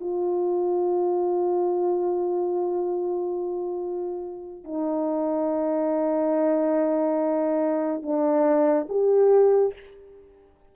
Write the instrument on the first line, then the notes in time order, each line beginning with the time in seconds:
horn
0.00 F4
4.64 D#4
8.02 D4
8.89 G4